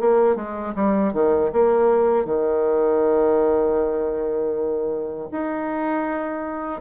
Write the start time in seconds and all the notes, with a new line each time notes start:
0.00 A#3
0.36 G#3
0.75 G3
1.13 D#3
1.52 A#3
2.25 D#3
5.31 D#4